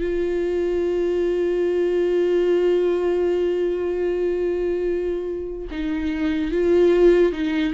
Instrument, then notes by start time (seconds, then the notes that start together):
viola
0.00 F4
5.71 D#4
6.51 F4
7.32 D#4